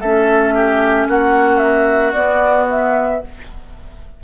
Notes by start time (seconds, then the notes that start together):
0.00 A3 C#4 A4 E5
0.54 G4
1.07 A#3 F#4 F#5
1.58 E5
2.12 B3 D5
2.70 E5